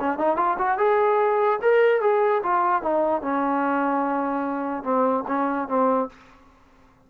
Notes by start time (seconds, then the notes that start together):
0.00 C#4
0.18 D#4
0.37 F4
0.58 F#4
0.78 G#4
1.62 A#4
2.01 G#4
2.43 F4
2.83 D#4
3.22 C#4
4.83 C4
5.28 C#4
5.68 C4